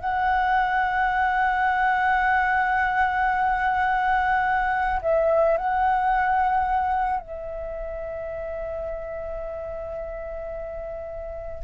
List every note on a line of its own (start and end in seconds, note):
0.00 5.00 F#5
5.02 5.57 E5
5.58 7.20 F#5
7.20 11.64 E5